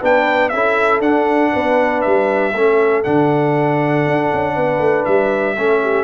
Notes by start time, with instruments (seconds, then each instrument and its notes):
0.00 tuba B3, trombone D4, horn B4, trumpet G5
0.49 tuba C#4, trombone E4, horn A4, trumpet E5
1.00 tuba D4, trombone D4, trumpet F#5
1.52 tuba B3, horn B4
2.01 tuba G3, trumpet E5
2.53 tuba A3, trombone C#4, horn A4
3.04 tuba D3, trombone D4, trumpet F#5
4.07 tuba D4
4.33 tuba C#4
4.54 tuba B3, horn B4
4.79 tuba A3
5.05 tuba G3, trumpet E5
5.56 tuba A3, trombone C#4, horn A4
5.82 horn G4